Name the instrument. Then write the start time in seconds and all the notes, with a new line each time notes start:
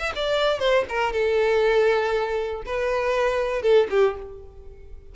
violin
0.00 E5
0.16 D5
0.60 C5
0.90 A#4
1.13 A4
2.66 B4
3.63 A4
3.91 G4